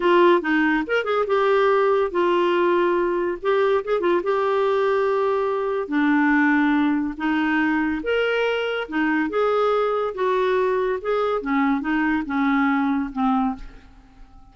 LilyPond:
\new Staff \with { instrumentName = "clarinet" } { \time 4/4 \tempo 4 = 142 f'4 dis'4 ais'8 gis'8 g'4~ | g'4 f'2. | g'4 gis'8 f'8 g'2~ | g'2 d'2~ |
d'4 dis'2 ais'4~ | ais'4 dis'4 gis'2 | fis'2 gis'4 cis'4 | dis'4 cis'2 c'4 | }